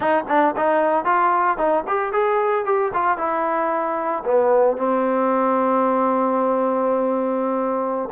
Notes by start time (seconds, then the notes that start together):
0.00 D#4
0.28 D4
0.56 D#4
1.05 F4
1.57 D#4
1.87 G4
2.12 G#4
2.65 G4
2.93 F4
3.17 E4
4.25 B3
4.77 C4